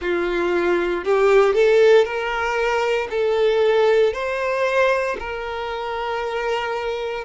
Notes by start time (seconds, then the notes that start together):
0.01 F4
1.04 G4
1.53 A4
2.04 A#4
3.10 A4
4.13 C5
5.19 A#4